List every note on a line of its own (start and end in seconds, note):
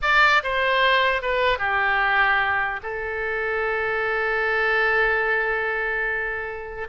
0.02 0.42 D5
0.43 1.21 C5
1.21 1.58 B4
1.58 2.80 G4
2.82 6.88 A4